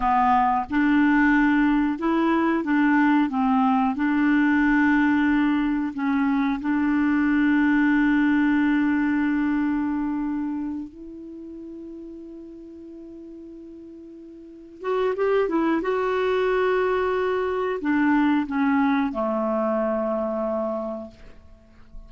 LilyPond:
\new Staff \with { instrumentName = "clarinet" } { \time 4/4 \tempo 4 = 91 b4 d'2 e'4 | d'4 c'4 d'2~ | d'4 cis'4 d'2~ | d'1~ |
d'8 e'2.~ e'8~ | e'2~ e'8 fis'8 g'8 e'8 | fis'2. d'4 | cis'4 a2. | }